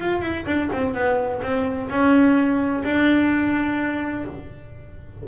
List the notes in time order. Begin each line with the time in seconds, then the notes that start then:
0.00 F4
0.21 E4
0.46 D4
0.72 C4
0.94 B3
1.42 C4
1.89 C#4
2.84 D4